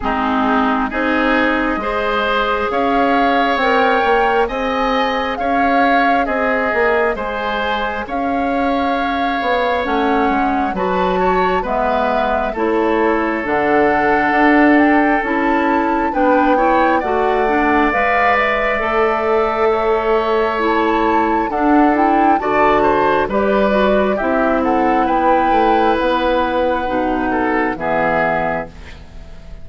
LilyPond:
<<
  \new Staff \with { instrumentName = "flute" } { \time 4/4 \tempo 4 = 67 gis'4 dis''2 f''4 | g''4 gis''4 f''4 dis''4 | gis''4 f''2 fis''4 | a''4 e''4 cis''4 fis''4~ |
fis''8 g''8 a''4 g''4 fis''4 | f''8 e''2~ e''8 a''4 | fis''8 g''8 a''4 d''4 e''8 fis''8 | g''4 fis''2 e''4 | }
  \new Staff \with { instrumentName = "oboe" } { \time 4/4 dis'4 gis'4 c''4 cis''4~ | cis''4 dis''4 cis''4 gis'4 | c''4 cis''2. | b'8 cis''8 b'4 a'2~ |
a'2 b'8 cis''8 d''4~ | d''2 cis''2 | a'4 d''8 c''8 b'4 g'8 a'8 | b'2~ b'8 a'8 gis'4 | }
  \new Staff \with { instrumentName = "clarinet" } { \time 4/4 c'4 dis'4 gis'2 | ais'4 gis'2.~ | gis'2. cis'4 | fis'4 b4 e'4 d'4~ |
d'4 e'4 d'8 e'8 fis'8 d'8 | b'4 a'2 e'4 | d'8 e'8 fis'4 g'8 fis'8 e'4~ | e'2 dis'4 b4 | }
  \new Staff \with { instrumentName = "bassoon" } { \time 4/4 gis4 c'4 gis4 cis'4 | c'8 ais8 c'4 cis'4 c'8 ais8 | gis4 cis'4. b8 a8 gis8 | fis4 gis4 a4 d4 |
d'4 cis'4 b4 a4 | gis4 a2. | d'4 d4 g4 c'4 | b8 a8 b4 b,4 e4 | }
>>